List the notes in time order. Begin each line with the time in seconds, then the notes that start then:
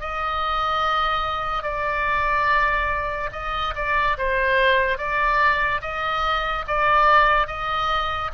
0.00 D#5
1.63 D5
3.32 D#5
3.75 D5
4.17 C5
4.97 D5
5.81 D#5
6.67 D5
7.47 D#5